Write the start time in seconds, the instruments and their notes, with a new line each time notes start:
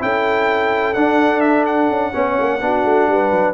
0.00 tuba C#4, trombone E4, horn A4, trumpet G5
0.94 trombone D4, tuba D4, trumpet F#5
1.41 trumpet E5
1.66 trumpet F#5
1.90 tuba C#4
2.13 tuba B3, trombone C#4, horn C#5
2.40 tuba A#3
2.61 tuba B3, trombone D4, horn F#4
2.85 tuba A3
3.08 tuba G3, horn B4
3.32 tuba F#3